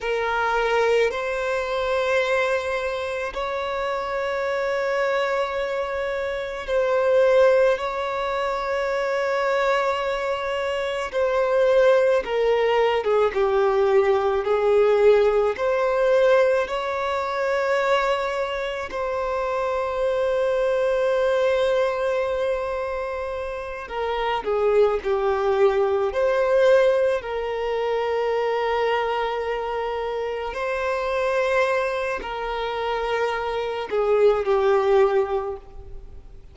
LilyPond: \new Staff \with { instrumentName = "violin" } { \time 4/4 \tempo 4 = 54 ais'4 c''2 cis''4~ | cis''2 c''4 cis''4~ | cis''2 c''4 ais'8. gis'16 | g'4 gis'4 c''4 cis''4~ |
cis''4 c''2.~ | c''4. ais'8 gis'8 g'4 c''8~ | c''8 ais'2. c''8~ | c''4 ais'4. gis'8 g'4 | }